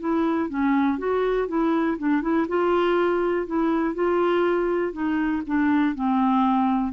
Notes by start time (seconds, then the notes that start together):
0.00 E4
0.50 C#4
0.98 F#4
1.48 E4
1.98 D4
2.22 E4
2.48 F4
3.47 E4
3.95 F4
4.93 D#4
5.47 D4
5.95 C4